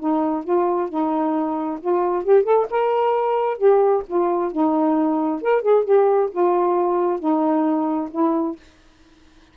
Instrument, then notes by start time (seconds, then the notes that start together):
saxophone
0.00 D#4
0.44 F4
0.90 D#4
1.81 F4
2.25 G4
2.44 A4
2.71 A#4
3.58 G4
4.07 F4
4.52 D#4
5.42 A#4
5.62 G#4
5.85 G4
6.32 F4
7.20 D#4
8.11 E4